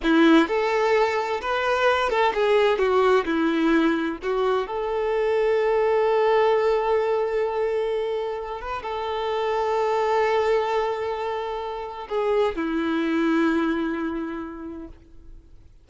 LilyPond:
\new Staff \with { instrumentName = "violin" } { \time 4/4 \tempo 4 = 129 e'4 a'2 b'4~ | b'8 a'8 gis'4 fis'4 e'4~ | e'4 fis'4 a'2~ | a'1~ |
a'2~ a'8 b'8 a'4~ | a'1~ | a'2 gis'4 e'4~ | e'1 | }